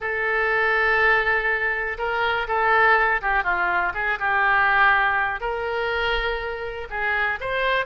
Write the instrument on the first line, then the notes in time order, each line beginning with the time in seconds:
oboe
0.00 A4
1.98 A#4
2.47 A4
3.21 G4
3.43 F4
3.94 G#4
4.19 G4
5.40 A#4
6.90 G#4
7.40 C5